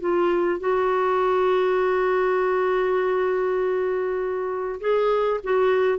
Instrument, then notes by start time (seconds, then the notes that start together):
clarinet
0.00 F4
0.60 F#4
4.80 G#4
5.43 F#4